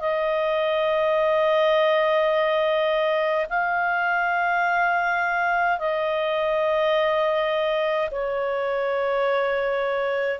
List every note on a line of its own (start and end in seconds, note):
0.00 3.46 D#5
3.50 5.79 F5
5.79 8.10 D#5
8.12 10.40 C#5